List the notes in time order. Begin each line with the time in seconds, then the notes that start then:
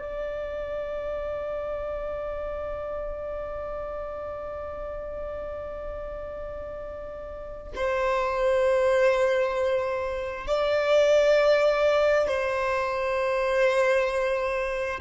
0.00 D5
7.76 C5
10.47 D5
12.27 C5